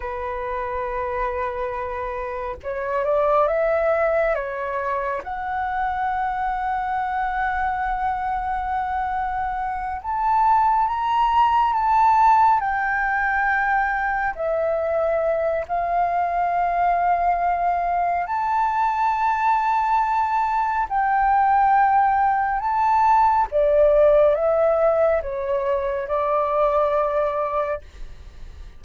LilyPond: \new Staff \with { instrumentName = "flute" } { \time 4/4 \tempo 4 = 69 b'2. cis''8 d''8 | e''4 cis''4 fis''2~ | fis''2.~ fis''8 a''8~ | a''8 ais''4 a''4 g''4.~ |
g''8 e''4. f''2~ | f''4 a''2. | g''2 a''4 d''4 | e''4 cis''4 d''2 | }